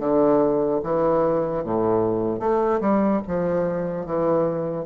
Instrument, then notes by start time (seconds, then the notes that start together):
bassoon
0.00 D3
0.84 E3
1.64 A2
2.40 A3
2.81 G3
3.28 F3
4.06 E3